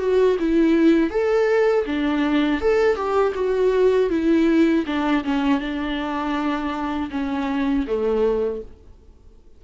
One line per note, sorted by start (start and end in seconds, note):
0.00 0.38 F#4
0.40 1.10 E4
1.10 1.85 A4
1.86 2.61 D4
2.61 2.96 A4
2.96 3.33 G4
3.35 4.10 F#4
4.10 4.85 E4
4.87 5.24 D4
5.24 5.60 C#4
5.60 7.10 D4
7.11 7.86 C#4
7.87 8.62 A3